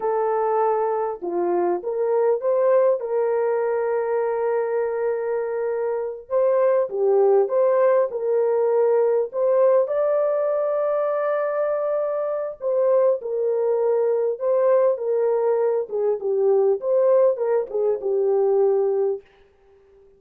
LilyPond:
\new Staff \with { instrumentName = "horn" } { \time 4/4 \tempo 4 = 100 a'2 f'4 ais'4 | c''4 ais'2.~ | ais'2~ ais'8 c''4 g'8~ | g'8 c''4 ais'2 c''8~ |
c''8 d''2.~ d''8~ | d''4 c''4 ais'2 | c''4 ais'4. gis'8 g'4 | c''4 ais'8 gis'8 g'2 | }